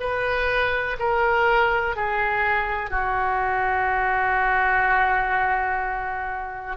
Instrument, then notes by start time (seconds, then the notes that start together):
oboe
0.00 B4
0.99 A#4
1.96 G#4
2.90 F#4